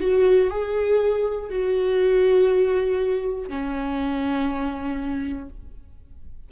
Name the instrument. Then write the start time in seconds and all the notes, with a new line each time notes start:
viola
0.00 F#4
0.50 G#4
1.50 F#4
3.49 C#4